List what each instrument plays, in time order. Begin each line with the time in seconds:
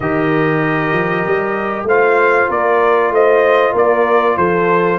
0.00 tuba D#3, trombone G4, horn A#4, trumpet D#5
0.92 tuba F3
1.27 tuba G3
1.83 tuba A3, trombone F4, horn C5, trumpet F5
2.49 tuba A#3, horn A#4, trumpet D5
3.10 tuba A3, horn C5, trumpet D#5
3.72 tuba A#3, horn A#4, trumpet D5
4.37 tuba F3, horn A4, trumpet C5